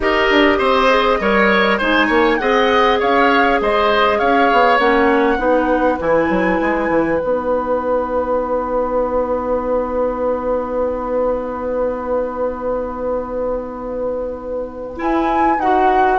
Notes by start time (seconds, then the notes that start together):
0.00 D#4 G4 A#4 D#5
0.30 D4
0.58 C4 C5
0.89 G#4
1.20 G3 A#4 C#5
1.78 G#3 D#4 C5 G#5
2.06 A#3 C#5
2.37 C4 G#4 D#5 F#5
2.99 C#4 C#5 F5
3.60 G#3 C5 D#5
4.18 C#4 C#5 F5
4.51 B3
4.79 A#3 C#4 F#5
5.38 B3 D#4 B4
5.99 E3 E4 G#5
6.29 F#3
6.60 G#3
6.89 E3
7.19 B3 D#4 F#5
14.96 E4 G#5
15.58 D#4 F#4 F#5